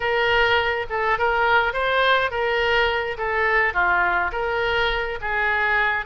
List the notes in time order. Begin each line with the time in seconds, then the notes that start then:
0.00 A#4
0.89 A4
1.18 A#4
1.73 C5
2.30 A#4
3.17 A4
3.73 F4
4.32 A#4
5.21 G#4